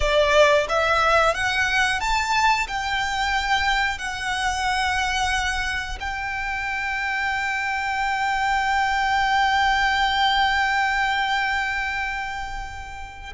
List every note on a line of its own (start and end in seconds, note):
0.00 0.67 D5
0.68 1.34 E5
1.34 2.00 F#5
2.00 2.67 A5
2.67 3.98 G5
3.98 5.98 F#5
5.99 13.33 G5